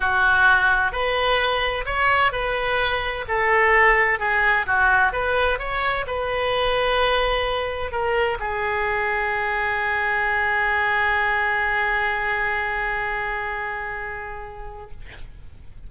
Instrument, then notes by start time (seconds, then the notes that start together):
oboe
0.00 F#4
0.92 B4
1.85 C#5
2.32 B4
3.27 A4
4.19 G#4
4.66 F#4
5.12 B4
5.59 C#5
6.07 B4
7.91 A#4
8.39 G#4